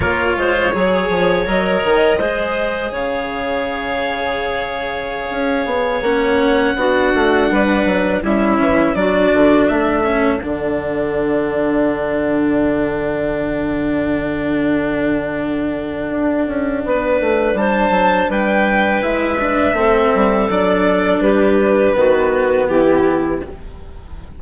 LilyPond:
<<
  \new Staff \with { instrumentName = "violin" } { \time 4/4 \tempo 4 = 82 cis''2 dis''2 | f''1~ | f''16 fis''2. e''8.~ | e''16 d''4 e''4 fis''4.~ fis''16~ |
fis''1~ | fis''1 | a''4 g''4 e''2 | d''4 b'2 g'4 | }
  \new Staff \with { instrumentName = "clarinet" } { \time 4/4 ais'8 c''8 cis''2 c''4 | cis''1~ | cis''4~ cis''16 fis'4 b'4 e'8.~ | e'16 fis'4 a'2~ a'8.~ |
a'1~ | a'2. b'4 | c''4 b'2 a'4~ | a'4 g'4 fis'4 e'4 | }
  \new Staff \with { instrumentName = "cello" } { \time 4/4 f'4 gis'4 ais'4 gis'4~ | gis'1~ | gis'16 cis'4 d'2 cis'8.~ | cis'16 d'4. cis'8 d'4.~ d'16~ |
d'1~ | d'1~ | d'2 e'8 d'8 c'4 | d'2 b2 | }
  \new Staff \with { instrumentName = "bassoon" } { \time 4/4 ais8 gis8 fis8 f8 fis8 dis8 gis4 | cis2.~ cis16 cis'8 b16~ | b16 ais4 b8 a8 g8 fis8 g8 e16~ | e16 fis8 d8 a4 d4.~ d16~ |
d1~ | d2 d'8 cis'8 b8 a8 | g8 fis8 g4 gis4 a8 g8 | fis4 g4 dis4 e4 | }
>>